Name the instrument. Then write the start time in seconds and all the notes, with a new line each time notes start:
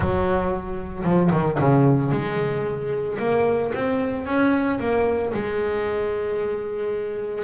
double bass
0.00 F#3
1.04 F3
1.32 D#3
1.59 C#3
2.11 G#3
3.19 A#3
3.74 C4
4.26 C#4
4.79 A#3
5.33 G#3